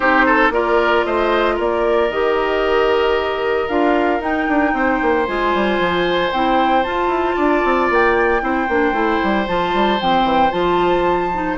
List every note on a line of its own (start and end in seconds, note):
0.00 0.50 C4
0.00 0.51 D#4
0.00 0.26 G4
0.00 0.51 C5
0.26 0.52 A4
0.50 1.02 A#3
0.50 2.10 F4
0.50 1.06 A#4
0.50 1.04 D5
1.04 1.58 A3
1.04 1.55 C5
1.04 1.57 D#5
1.55 2.09 A#3
1.55 4.71 A#4
1.55 2.10 D5
2.09 3.67 D#3
2.09 3.69 G4
2.09 3.68 D#5
3.68 4.20 D4
3.68 4.19 F4
3.68 4.21 F5
4.19 5.25 D#4
4.19 4.46 D#4
4.19 5.26 G5
4.48 4.73 D4
4.73 4.99 C4
4.73 7.36 C5
5.01 5.28 A#3
5.26 5.54 G#3
5.26 6.32 F4
5.26 6.31 G#5
5.54 5.79 G3
5.79 6.31 F3
6.32 6.85 C4
6.32 6.84 E4
6.32 6.83 G5
6.83 8.40 F4
6.83 7.07 F4
6.83 7.89 A5
7.07 7.34 E4
7.36 7.63 D4
7.36 8.41 D5
7.64 7.89 C4
7.89 8.42 A#3
7.89 9.47 G5
8.40 8.68 C4
8.40 8.66 E4
8.40 11.57 C5
8.68 8.92 A#3
8.68 8.93 D4
8.92 9.18 A3
8.92 9.46 E4
9.23 9.47 G3
9.46 9.73 F3
9.46 9.99 F4
9.46 10.00 A5
9.73 10.00 G3
10.00 10.23 F3
10.00 10.51 C4
10.00 10.51 G5
10.23 10.50 E3
10.51 11.57 F3
10.51 11.29 F4
10.51 11.56 A5
11.33 11.57 D#4